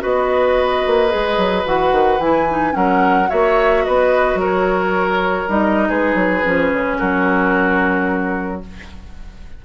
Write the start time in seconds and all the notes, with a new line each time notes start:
0.00 B3 F#4 B4 D#5
0.87 A#3
1.09 G#3 G#4
1.37 F#3
1.66 E3 F#4 F#5
1.92 D#3
2.19 E3 E4 G#5
2.50 D#4
2.72 F#3 C#4 A#4 F#5
3.29 A#3 F#4 C#5 E5
3.85 B3 B4 D#5
4.35 F#3 A#4
4.43 C#5
5.49 G3 D#4 D#5
5.89 G#3 G#4 B4
6.15 F#3
6.43 F3 C#4
6.73 C#3
6.99 F#3 F#4 A#4